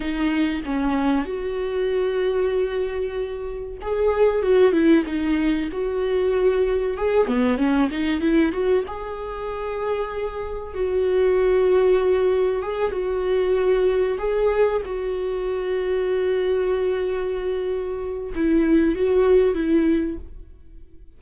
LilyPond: \new Staff \with { instrumentName = "viola" } { \time 4/4 \tempo 4 = 95 dis'4 cis'4 fis'2~ | fis'2 gis'4 fis'8 e'8 | dis'4 fis'2 gis'8 b8 | cis'8 dis'8 e'8 fis'8 gis'2~ |
gis'4 fis'2. | gis'8 fis'2 gis'4 fis'8~ | fis'1~ | fis'4 e'4 fis'4 e'4 | }